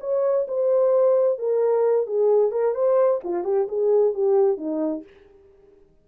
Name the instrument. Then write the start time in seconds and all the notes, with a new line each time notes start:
horn
0.00 C#5
0.48 C5
1.38 A#4
2.06 G#4
2.51 A#4
2.74 C5
3.23 F4
3.44 G4
3.68 G#4
4.14 G4
4.57 D#4